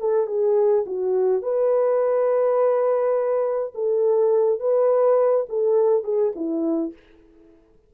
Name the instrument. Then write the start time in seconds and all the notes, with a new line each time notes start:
horn
0.00 A4
0.27 G#4
0.86 F#4
1.42 B4
3.75 A4
4.60 B4
5.49 A4
6.04 G#4
6.36 E4